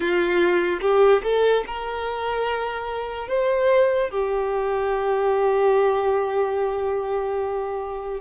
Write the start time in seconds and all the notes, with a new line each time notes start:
0.00 F4
0.81 G4
1.23 A4
1.66 A#4
3.28 C5
4.10 G4